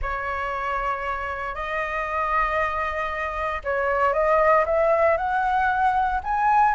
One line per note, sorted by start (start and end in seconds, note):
0.02 1.54 C#5
1.54 3.61 D#5
3.63 4.13 C#5
4.13 4.64 D#5
4.65 5.17 E5
5.17 6.20 F#5
6.23 6.74 G#5